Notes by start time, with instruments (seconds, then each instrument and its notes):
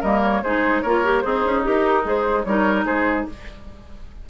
0.00 bassoon G3, clarinet A#3, oboe A#4, flute D#5
0.23 flute C#5
0.42 bassoon G#3, clarinet D#4, oboe G#4, flute C5
0.81 bassoon A#3, clarinet F4, oboe A#4, flute C#5
1.04 clarinet G4
1.21 bassoon C4, oboe D#4, clarinet G#4, flute C5
1.45 bassoon C#4
1.63 bassoon D#4, clarinet G4, flute A#4
2.04 bassoon G#3, clarinet G#4, flute C5
2.44 bassoon G3, clarinet D#4, oboe A#4, flute C#5
2.85 bassoon G#3, oboe G#4, flute C5